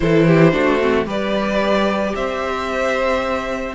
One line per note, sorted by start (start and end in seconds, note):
0.00 0.53 E3
0.00 0.51 E4
0.00 0.26 A4
0.00 1.06 C5
0.26 0.52 G4
0.51 1.06 A3
0.51 0.78 D4
0.51 1.06 F#4
0.81 1.04 C4
1.04 2.13 G3
1.04 3.72 G4
1.04 2.13 B4
1.04 2.15 D5
2.15 3.74 C4
2.15 3.74 C5
2.15 3.74 E5